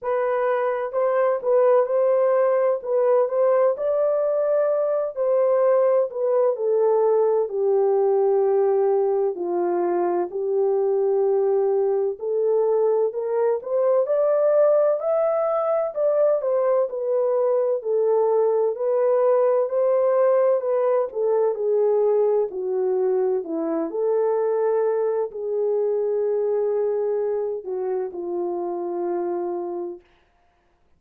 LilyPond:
\new Staff \with { instrumentName = "horn" } { \time 4/4 \tempo 4 = 64 b'4 c''8 b'8 c''4 b'8 c''8 | d''4. c''4 b'8 a'4 | g'2 f'4 g'4~ | g'4 a'4 ais'8 c''8 d''4 |
e''4 d''8 c''8 b'4 a'4 | b'4 c''4 b'8 a'8 gis'4 | fis'4 e'8 a'4. gis'4~ | gis'4. fis'8 f'2 | }